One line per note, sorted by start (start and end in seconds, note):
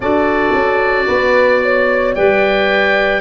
0.00 0.52 D4
0.00 2.16 F#4
0.00 1.06 A4
0.00 2.15 D5
0.53 1.07 C#4
1.06 2.15 B3
1.06 1.60 B4
1.62 2.15 C#5
2.15 3.21 G3
2.15 3.21 B4
2.15 3.21 D5
2.15 3.21 G5